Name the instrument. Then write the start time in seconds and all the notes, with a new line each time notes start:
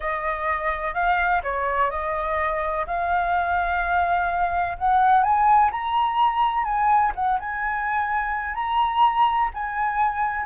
flute
0.00 D#5
0.94 F5
1.43 C#5
1.90 D#5
2.86 F5
4.78 F#5
5.23 G#5
5.71 A#5
6.64 G#5
7.15 F#5
7.39 G#5
8.55 A#5
9.54 G#5